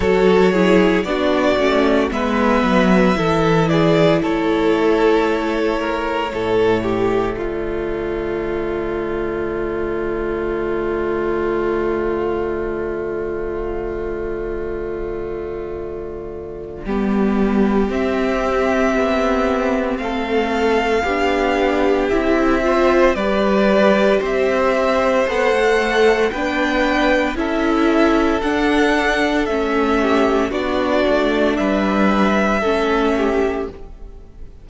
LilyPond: <<
  \new Staff \with { instrumentName = "violin" } { \time 4/4 \tempo 4 = 57 cis''4 d''4 e''4. d''8 | cis''2. d''4~ | d''1~ | d''1~ |
d''4 e''2 f''4~ | f''4 e''4 d''4 e''4 | fis''4 g''4 e''4 fis''4 | e''4 d''4 e''2 | }
  \new Staff \with { instrumentName = "violin" } { \time 4/4 a'8 gis'8 fis'4 b'4 a'8 gis'8 | a'4. ais'8 a'8 g'8 f'4~ | f'1~ | f'1 |
g'2. a'4 | g'4. c''8 b'4 c''4~ | c''4 b'4 a'2~ | a'8 g'8 fis'4 b'4 a'8 g'8 | }
  \new Staff \with { instrumentName = "viola" } { \time 4/4 fis'8 e'8 d'8 cis'8 b4 e'4~ | e'2 a2~ | a1~ | a1 |
b4 c'2. | d'4 e'8 f'8 g'2 | a'4 d'4 e'4 d'4 | cis'4 d'2 cis'4 | }
  \new Staff \with { instrumentName = "cello" } { \time 4/4 fis4 b8 a8 gis8 fis8 e4 | a2 a,4 d4~ | d1~ | d1 |
g4 c'4 b4 a4 | b4 c'4 g4 c'4 | b16 a8. b4 cis'4 d'4 | a4 b8 a8 g4 a4 | }
>>